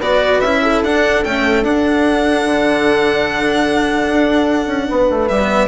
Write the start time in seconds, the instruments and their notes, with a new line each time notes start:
0.00 bassoon B3, cello F#4, horn B4, violin D5
0.41 bassoon C#4, cello E4, violin E5
0.63 horn A4
0.83 bassoon D4, cello D4, violin F#5
1.24 cello A3, bassoon C#4, violin G5
1.63 bassoon D4, cello D4, violin F#5
2.45 bassoon D3
4.07 bassoon D4
4.66 bassoon C#4
4.88 bassoon B3, horn B4
5.10 bassoon A3
5.27 bassoon G3, cello G4, violin E5
5.39 cello B3